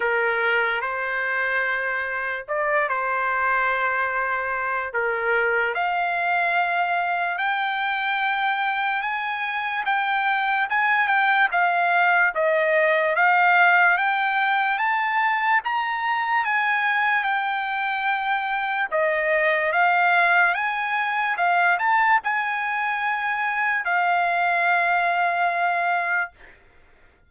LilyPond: \new Staff \with { instrumentName = "trumpet" } { \time 4/4 \tempo 4 = 73 ais'4 c''2 d''8 c''8~ | c''2 ais'4 f''4~ | f''4 g''2 gis''4 | g''4 gis''8 g''8 f''4 dis''4 |
f''4 g''4 a''4 ais''4 | gis''4 g''2 dis''4 | f''4 gis''4 f''8 a''8 gis''4~ | gis''4 f''2. | }